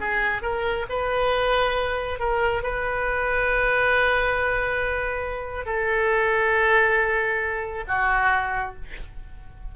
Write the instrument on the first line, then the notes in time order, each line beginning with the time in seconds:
oboe
0.00 G#4
0.42 A#4
0.89 B4
2.19 A#4
2.63 B4
5.65 A4
7.88 F#4